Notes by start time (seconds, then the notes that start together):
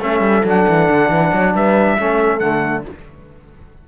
0.00 A3 C#4 A4 E5
0.21 G3
0.45 F#3 D4 F#5
0.69 E3
0.89 D3
1.10 E3 B4
1.33 F#3 C#5
1.55 G3 B4 E5
1.99 A3 C#4 A4
2.40 D3 A3 F#5